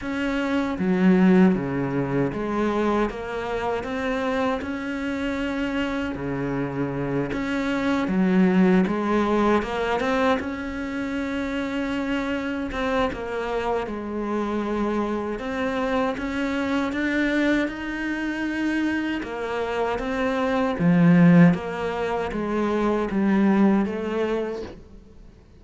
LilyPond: \new Staff \with { instrumentName = "cello" } { \time 4/4 \tempo 4 = 78 cis'4 fis4 cis4 gis4 | ais4 c'4 cis'2 | cis4. cis'4 fis4 gis8~ | gis8 ais8 c'8 cis'2~ cis'8~ |
cis'8 c'8 ais4 gis2 | c'4 cis'4 d'4 dis'4~ | dis'4 ais4 c'4 f4 | ais4 gis4 g4 a4 | }